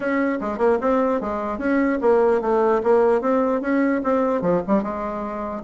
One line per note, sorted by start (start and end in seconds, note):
0.00 0.38 C#4
0.40 0.58 G#3
0.58 0.78 A#3
0.81 1.20 C4
1.20 1.58 G#3
1.58 1.98 C#4
2.01 2.41 A#3
2.41 2.81 A3
2.83 3.21 A#3
3.21 3.61 C4
3.61 4.01 C#4
4.03 4.41 C4
4.41 4.61 F3
4.67 4.82 G3
4.82 5.63 G#3